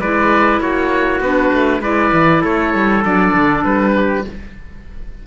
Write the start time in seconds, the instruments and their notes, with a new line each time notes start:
0.00 cello G#3, clarinet E4, trumpet B4, oboe D5
0.59 cello A#3, trumpet F#4, oboe C#5
1.20 cello B3, clarinet D4, oboe B4
1.53 cello A3
1.81 cello G#3, clarinet E4, trumpet B4, oboe D5
2.12 cello E3
2.40 cello A3, trumpet A4, oboe C#5
2.74 cello G3
3.03 cello F#3, clarinet D4, oboe D5
3.33 cello D3
3.64 cello G3, oboe B4
3.96 trumpet G4